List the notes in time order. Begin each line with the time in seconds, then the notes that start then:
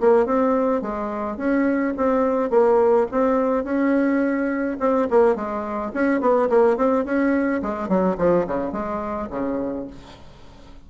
0.00 A#3
0.26 C4
0.82 G#3
1.37 C#4
1.97 C4
2.50 A#3
3.11 C4
3.64 C#4
4.79 C4
5.10 A#3
5.35 G#3
5.94 C#4
6.21 B3
6.49 A#3
6.77 C4
7.05 C#4
7.62 G#3
7.88 F#3
8.18 F3
8.47 C#3
8.72 G#3
9.30 C#3